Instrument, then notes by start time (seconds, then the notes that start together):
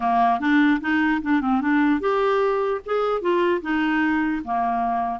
clarinet
0.00 A#3
0.40 D4
0.81 D#4
1.22 D4
1.41 C4
1.61 D4
2.00 G4
2.85 G#4
3.21 F4
3.61 D#4
4.44 A#3